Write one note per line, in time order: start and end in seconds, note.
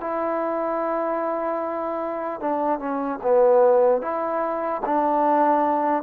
0.00 2.40 E4
2.40 2.79 D4
2.79 3.19 C#4
3.22 4.01 B3
4.01 4.81 E4
4.85 6.03 D4